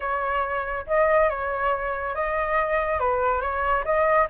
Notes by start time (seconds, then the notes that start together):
0.00 C#5
0.86 D#5
1.29 C#5
2.14 D#5
2.99 B4
3.41 C#5
3.84 D#5